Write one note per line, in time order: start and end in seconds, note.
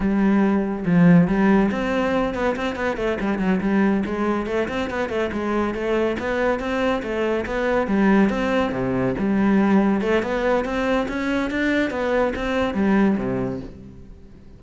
0.00 0.84 G3
0.85 1.27 F3
1.27 1.70 G3
1.71 2.34 C4
2.34 2.55 B3
2.56 2.75 C4
2.75 2.97 B3
2.97 3.18 A3
3.20 3.38 G3
3.38 3.60 F#3
3.61 4.03 G3
4.05 4.46 G#3
4.46 4.68 A3
4.68 4.89 C4
4.90 5.09 B3
5.09 5.30 A3
5.32 5.74 G#3
5.74 6.17 A3
6.19 6.59 B3
6.59 7.02 C4
7.02 7.45 A3
7.46 7.87 B3
7.87 8.29 G3
8.29 8.72 C4
8.72 9.14 C3
9.18 10.01 G3
10.01 10.22 A3
10.22 10.64 B3
10.64 11.07 C4
11.08 11.50 C#4
11.50 11.90 D4
11.90 12.33 B3
12.35 12.74 C4
12.74 13.16 G3
13.17 13.60 C3